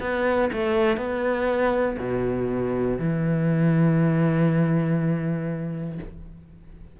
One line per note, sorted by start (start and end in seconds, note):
0.00 0.50 B3
0.52 0.96 A3
0.96 1.96 B3
1.99 2.98 B2
2.98 5.98 E3